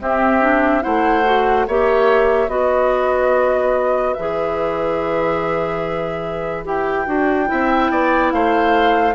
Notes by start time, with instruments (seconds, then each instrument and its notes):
0.00 clarinet C4, bassoon C4, oboe G4, flute E5
0.41 clarinet D4
0.82 bassoon A3, clarinet E4, oboe C5, flute F#5
1.25 clarinet F#4
1.68 bassoon A#3, clarinet G4, oboe C#5, flute E5
2.49 bassoon B3, clarinet F#4, oboe B4, flute D#5
4.14 bassoon E3, clarinet G#4, flute E5
6.65 bassoon E4, clarinet G4, flute G5
7.07 bassoon D4, clarinet F#4
7.47 clarinet E4, oboe E5
7.53 bassoon C4
7.91 bassoon B3, oboe D5
8.32 bassoon A3, oboe C5, flute F5